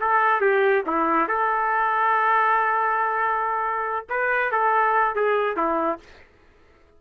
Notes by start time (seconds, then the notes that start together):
0.00 A4
0.41 G4
0.86 E4
1.28 A4
4.09 B4
4.51 A4
5.15 G#4
5.56 E4